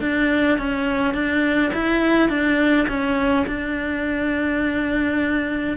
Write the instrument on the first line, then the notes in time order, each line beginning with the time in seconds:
cello
0.00 D4
0.58 C#4
1.14 D4
1.73 E4
2.29 D4
2.88 C#4
3.47 D4